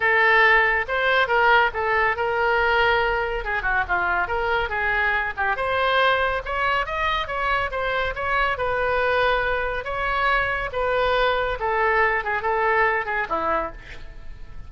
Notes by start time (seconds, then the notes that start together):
0.00 A4
0.88 C5
1.27 A#4
1.73 A4
2.16 A#4
3.44 G#4
3.62 F#4
3.87 F4
4.27 A#4
4.69 G#4
5.36 G4
5.56 C5
6.45 C#5
6.86 D#5
7.27 C#5
7.71 C5
8.15 C#5
8.57 B4
9.84 C#5
10.72 B4
11.59 A4
12.24 G#4
12.41 A4
13.05 G#4
13.29 E4